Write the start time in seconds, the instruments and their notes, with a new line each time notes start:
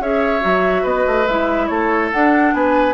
0.00 bassoon C#4, clarinet G#4, oboe C#5, flute E5
0.41 bassoon F#3, clarinet F#4
0.83 bassoon B3, oboe B4, flute D#5
1.07 bassoon A3
1.28 bassoon G#3, clarinet E4, flute E5
1.68 bassoon A3, oboe A4, flute C#5
2.12 clarinet D4, bassoon D4, flute F#5
2.54 bassoon B3, oboe B4, flute G#5